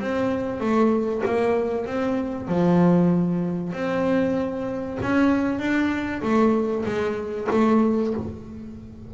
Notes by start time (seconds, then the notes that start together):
0.00 C4
0.60 A3
1.26 A#3
1.86 C4
2.48 F3
3.73 C4
5.02 C#4
5.59 D4
6.22 A3
6.86 G#3
7.51 A3